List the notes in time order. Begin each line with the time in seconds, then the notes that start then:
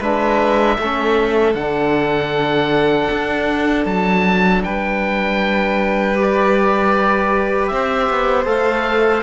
0.00 G#3 D4 B4 E5
0.79 A3 C#4 A4
1.55 D3 D4 F#5
3.12 D4
3.86 F#3 A5
4.64 G3 B4 G5
6.15 G4
6.22 D5
7.68 C4 C5 E5
8.10 B3
8.45 A3 A4 F5